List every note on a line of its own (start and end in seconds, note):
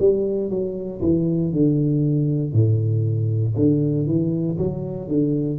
0.00 0.50 G3
0.50 1.01 F#3
1.02 1.53 E3
1.53 2.53 D3
2.53 3.55 A2
3.56 4.07 D3
4.07 4.58 E3
4.58 5.08 F#3
5.08 5.59 D3